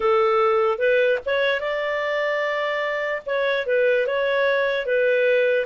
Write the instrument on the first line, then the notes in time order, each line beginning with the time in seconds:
clarinet
0.00 A4
0.78 B4
1.25 C#5
1.60 D5
3.26 C#5
3.66 B4
4.07 C#5
4.85 B4